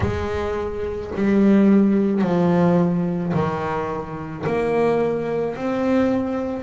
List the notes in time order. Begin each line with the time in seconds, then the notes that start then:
0.00 G#3
1.15 G3
2.21 F3
3.33 D#3
4.46 A#3
5.56 C4